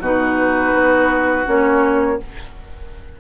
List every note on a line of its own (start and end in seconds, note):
0.00 0.72 B2
0.00 1.45 D#4
0.00 2.18 F#4
0.00 1.48 B4
0.73 1.45 B3
1.45 2.20 A#3
1.45 2.17 C#4
1.45 2.20 C#5